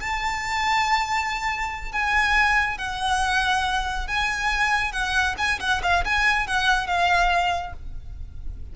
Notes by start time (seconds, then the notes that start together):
0.00 A5
1.92 G#5
2.78 F#5
4.07 G#5
4.92 F#5
5.38 G#5
5.60 F#5
5.83 F5
6.05 G#5
6.47 F#5
6.87 F5